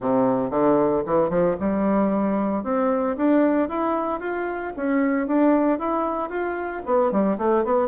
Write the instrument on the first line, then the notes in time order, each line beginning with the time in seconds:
bassoon
0.00 C3
0.50 D3
1.06 E3
1.29 F3
1.60 G3
2.63 C4
3.16 D4
3.68 E4
4.20 F4
4.76 C#4
5.27 D4
5.78 E4
6.29 F4
6.85 B3
7.11 G3
7.38 A3
7.64 B3